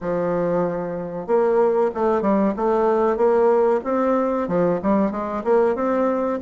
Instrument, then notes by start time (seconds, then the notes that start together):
bassoon
0.00 F3
1.26 A#3
1.94 A3
2.21 G3
2.56 A3
3.16 A#3
3.84 C4
4.48 F3
4.82 G3
5.11 G#3
5.44 A#3
5.75 C4